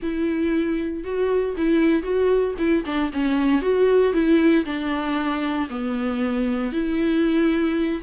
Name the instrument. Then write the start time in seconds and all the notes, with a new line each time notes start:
viola
0.02 E4
1.04 F#4
1.57 E4
2.03 F#4
2.58 E4
2.85 D4
3.12 C#4
3.61 F#4
4.13 E4
4.65 D4
5.69 B3
6.72 E4